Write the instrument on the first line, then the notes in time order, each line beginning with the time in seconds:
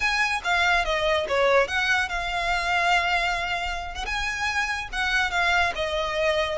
violin
0.00 G#5
0.44 F5
0.84 D#5
1.28 C#5
1.67 F#5
2.08 F5
3.95 F#5
4.05 G#5
4.92 F#5
5.30 F5
5.75 D#5